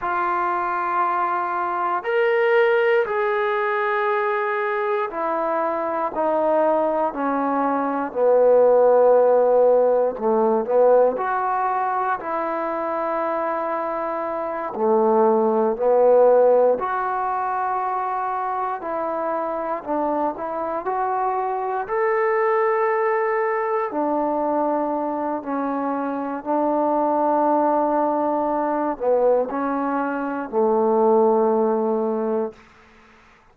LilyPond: \new Staff \with { instrumentName = "trombone" } { \time 4/4 \tempo 4 = 59 f'2 ais'4 gis'4~ | gis'4 e'4 dis'4 cis'4 | b2 a8 b8 fis'4 | e'2~ e'8 a4 b8~ |
b8 fis'2 e'4 d'8 | e'8 fis'4 a'2 d'8~ | d'4 cis'4 d'2~ | d'8 b8 cis'4 a2 | }